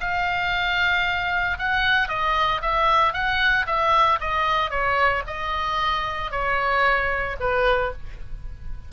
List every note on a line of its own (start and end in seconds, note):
0.00 1.58 F5
1.58 2.08 F#5
2.08 2.61 D#5
2.61 3.13 E5
3.13 3.66 F#5
3.66 4.19 E5
4.20 4.70 D#5
4.70 5.22 C#5
5.26 6.31 D#5
6.31 7.36 C#5
7.39 7.92 B4